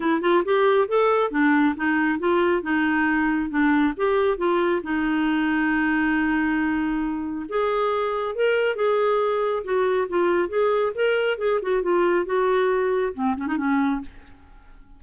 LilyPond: \new Staff \with { instrumentName = "clarinet" } { \time 4/4 \tempo 4 = 137 e'8 f'8 g'4 a'4 d'4 | dis'4 f'4 dis'2 | d'4 g'4 f'4 dis'4~ | dis'1~ |
dis'4 gis'2 ais'4 | gis'2 fis'4 f'4 | gis'4 ais'4 gis'8 fis'8 f'4 | fis'2 c'8 cis'16 dis'16 cis'4 | }